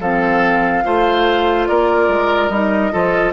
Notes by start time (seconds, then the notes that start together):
0.00 F3 C4 A4 F5
0.84 A3 F4 C5
1.66 A#3 A#4 D5
2.08 G#3
2.49 G3 D#4 D#5
2.91 F3 F4 A4